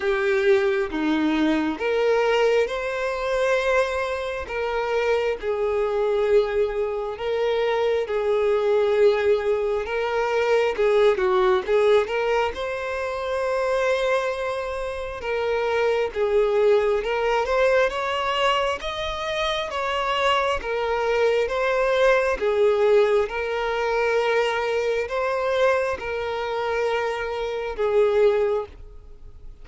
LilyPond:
\new Staff \with { instrumentName = "violin" } { \time 4/4 \tempo 4 = 67 g'4 dis'4 ais'4 c''4~ | c''4 ais'4 gis'2 | ais'4 gis'2 ais'4 | gis'8 fis'8 gis'8 ais'8 c''2~ |
c''4 ais'4 gis'4 ais'8 c''8 | cis''4 dis''4 cis''4 ais'4 | c''4 gis'4 ais'2 | c''4 ais'2 gis'4 | }